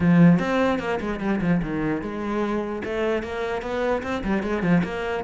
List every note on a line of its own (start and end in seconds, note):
0.00 0.39 F3
0.39 0.79 C4
0.79 0.99 A#3
1.00 1.20 G#3
1.20 1.40 G3
1.41 1.61 F3
1.62 2.01 D#3
2.01 2.82 G#3
2.84 3.22 A3
3.22 3.61 A#3
3.61 4.02 B3
4.02 4.23 C4
4.24 4.42 G3
4.42 4.62 G#3
4.62 4.82 F3
4.83 5.23 A#3